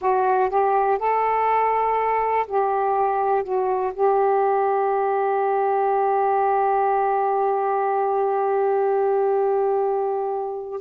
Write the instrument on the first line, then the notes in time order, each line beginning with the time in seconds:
saxophone
0.01 F#4
0.49 G4
0.98 A4
2.47 G4
3.43 F#4
3.93 G4